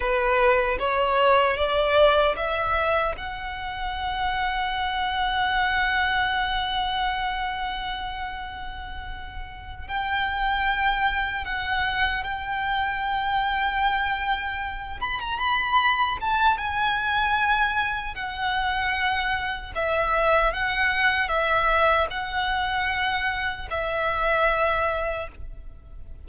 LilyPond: \new Staff \with { instrumentName = "violin" } { \time 4/4 \tempo 4 = 76 b'4 cis''4 d''4 e''4 | fis''1~ | fis''1~ | fis''8 g''2 fis''4 g''8~ |
g''2. b''16 ais''16 b''8~ | b''8 a''8 gis''2 fis''4~ | fis''4 e''4 fis''4 e''4 | fis''2 e''2 | }